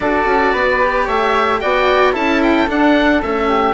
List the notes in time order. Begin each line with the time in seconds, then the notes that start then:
0.00 D4 F#4 A4 D5
0.25 C#4
0.52 B3 B4
0.80 G4
1.05 A3 C#5 E5
1.60 B3 F#4 D5 G5
2.12 C#4 E4 A4 A5
2.42 G5
2.67 D4 F#5
3.22 A3 C#4 E5
3.48 G4